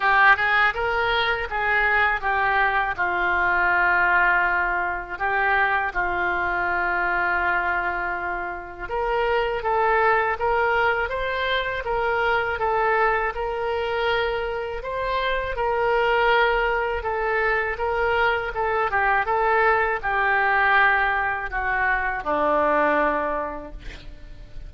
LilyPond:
\new Staff \with { instrumentName = "oboe" } { \time 4/4 \tempo 4 = 81 g'8 gis'8 ais'4 gis'4 g'4 | f'2. g'4 | f'1 | ais'4 a'4 ais'4 c''4 |
ais'4 a'4 ais'2 | c''4 ais'2 a'4 | ais'4 a'8 g'8 a'4 g'4~ | g'4 fis'4 d'2 | }